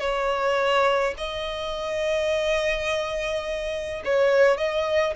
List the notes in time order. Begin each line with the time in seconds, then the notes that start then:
0.00 C#5
1.18 D#5
4.05 C#5
4.58 D#5